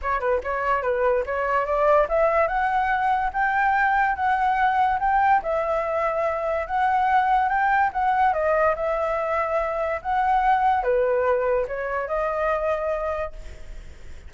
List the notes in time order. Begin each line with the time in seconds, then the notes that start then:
0.02 C#5
0.20 B4
0.43 C#5
0.82 B4
1.26 C#5
1.65 D5
2.09 E5
2.47 F#5
3.33 G5
4.15 F#5
4.99 G5
5.42 E5
6.66 F#5
7.48 G5
7.92 F#5
8.33 D#5
8.75 E5
10.02 F#5
10.83 B4
11.67 C#5
12.07 D#5